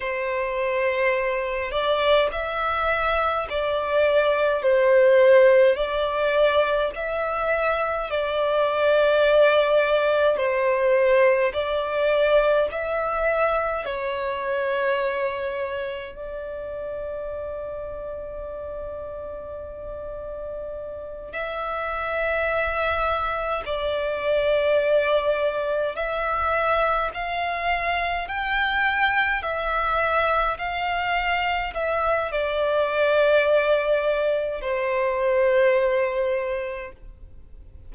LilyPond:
\new Staff \with { instrumentName = "violin" } { \time 4/4 \tempo 4 = 52 c''4. d''8 e''4 d''4 | c''4 d''4 e''4 d''4~ | d''4 c''4 d''4 e''4 | cis''2 d''2~ |
d''2~ d''8 e''4.~ | e''8 d''2 e''4 f''8~ | f''8 g''4 e''4 f''4 e''8 | d''2 c''2 | }